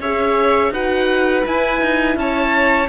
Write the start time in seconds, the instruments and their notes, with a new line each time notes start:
0.00 cello C#4, horn G#4, violin C#5, oboe E5
0.71 cello D#4, horn F#4, violin B4, oboe F#5
1.43 horn E4, cello E4, oboe G#5
1.81 cello D#4
2.16 cello C#4, violin C#5, oboe A5